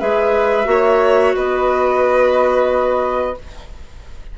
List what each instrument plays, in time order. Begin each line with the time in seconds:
0.00 bassoon G#3, clarinet G#4, violin B4, flute E5
0.65 bassoon A#3, clarinet F#4
0.71 violin C#5
1.36 bassoon B3, violin B4, flute D#5